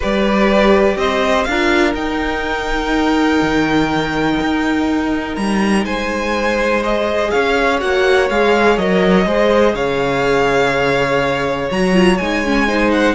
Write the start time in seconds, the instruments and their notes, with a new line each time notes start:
0.00 cello G3, viola G4, violin B4 D5
0.96 cello C4, violin C5 D#5
1.44 cello D4, violin A#4 F5
1.50 viola F4
1.94 cello D#4, viola D#4, violin G5
3.41 cello D#3
4.40 cello D#4
5.35 cello G3, violin A#5
5.84 cello G#3, violin C5 G#5
6.83 viola G#4, violin D#5
7.30 cello C#4, violin C#5 F5
7.79 cello A#3, viola F#4, violin F#5
8.29 cello G#3, viola G#4, violin F5
8.77 cello F#3, viola A#4, violin D#5
9.25 cello G#3, viola G#4, violin C5
9.74 cello C#3, violin C#5 F5
11.70 cello F#3, viola F#4, violin A#5
11.93 viola F4
12.17 cello G#3, viola D#4, violin G#5
12.45 viola C#4
12.67 viola D#4, violin C5
12.91 violin F#5